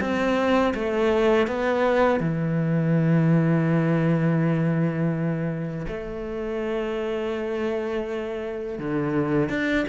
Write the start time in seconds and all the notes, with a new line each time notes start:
0.00 C4
0.74 A3
1.47 B3
2.20 E3
5.87 A3
8.78 D3
9.49 D4